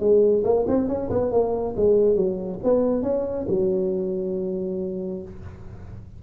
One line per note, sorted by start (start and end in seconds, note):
0.00 0.43 G#3
0.44 0.66 A#3
0.68 0.88 C4
0.88 1.10 C#4
1.10 1.32 B3
1.32 1.75 A#3
1.77 2.16 G#3
2.16 2.59 F#3
2.64 3.03 B3
3.03 3.46 C#4
3.49 5.23 F#3